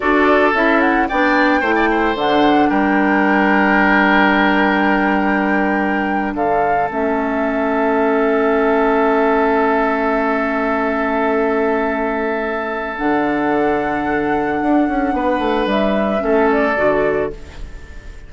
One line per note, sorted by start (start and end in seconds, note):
0.00 0.53 D4
0.00 0.51 F#4
0.00 1.08 A4
0.00 0.54 D5
0.53 1.07 C#4
0.53 1.09 E4
0.53 0.80 E5
0.80 1.07 F#5
1.08 1.61 B3
1.08 1.62 D4
1.08 1.60 D5
1.08 2.17 G5
1.60 2.14 A3
1.60 2.15 E4
1.60 1.74 C5
1.75 1.88 D5
1.90 2.69 C5
2.14 2.68 D3
2.14 6.88 D4
2.14 2.69 F#5
2.69 6.35 G3
2.69 6.34 A#4
2.69 6.34 G5
6.35 6.89 D3
6.35 15.14 A4
6.35 6.89 F5
6.89 12.98 A3
6.89 12.96 C#4
6.89 12.97 E5
12.96 14.61 D3
12.96 16.18 D4
12.96 15.67 F#5
14.61 14.88 D4
14.88 15.13 C#4
15.13 15.38 B3
15.13 16.23 B4
15.38 15.65 A3
15.66 16.20 G3
15.66 16.50 E5
16.18 16.76 A3
16.18 16.72 C#4
16.18 17.32 A4
16.51 17.32 D5
16.76 17.31 D3
16.76 17.30 F#4